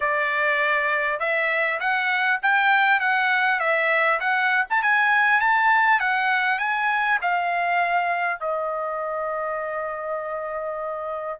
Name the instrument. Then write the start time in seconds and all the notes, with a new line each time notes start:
trumpet
0.00 D5
1.19 E5
1.79 F#5
2.42 G5
2.99 F#5
3.59 E5
4.20 F#5
4.70 A5
4.82 G#5
5.40 A5
6.00 F#5
6.58 G#5
7.21 F5
8.40 D#5